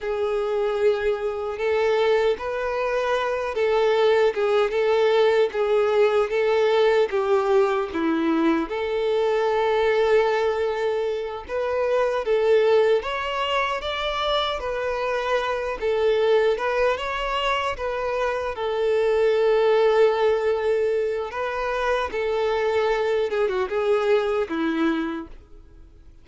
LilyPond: \new Staff \with { instrumentName = "violin" } { \time 4/4 \tempo 4 = 76 gis'2 a'4 b'4~ | b'8 a'4 gis'8 a'4 gis'4 | a'4 g'4 e'4 a'4~ | a'2~ a'8 b'4 a'8~ |
a'8 cis''4 d''4 b'4. | a'4 b'8 cis''4 b'4 a'8~ | a'2. b'4 | a'4. gis'16 fis'16 gis'4 e'4 | }